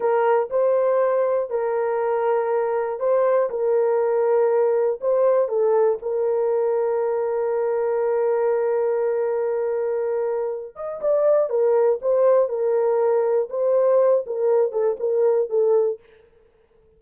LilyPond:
\new Staff \with { instrumentName = "horn" } { \time 4/4 \tempo 4 = 120 ais'4 c''2 ais'4~ | ais'2 c''4 ais'4~ | ais'2 c''4 a'4 | ais'1~ |
ais'1~ | ais'4. dis''8 d''4 ais'4 | c''4 ais'2 c''4~ | c''8 ais'4 a'8 ais'4 a'4 | }